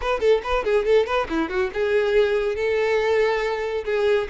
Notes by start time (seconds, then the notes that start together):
0.01 B4
0.20 A4
0.43 B4
0.64 G#4
0.85 A4
1.06 B4
1.29 E4
1.49 F#4
1.73 G#4
2.55 A4
3.85 G#4